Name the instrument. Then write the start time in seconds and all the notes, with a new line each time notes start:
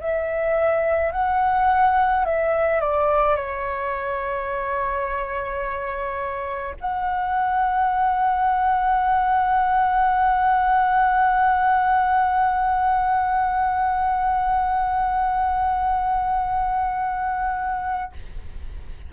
flute
0.00 E5
1.12 F#5
2.25 E5
2.80 D5
3.36 C#5
6.80 F#5